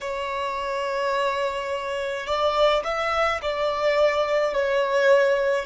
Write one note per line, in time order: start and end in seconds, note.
0.00 2.26 C#5
2.26 2.83 D5
2.84 3.40 E5
3.42 4.53 D5
4.53 5.65 C#5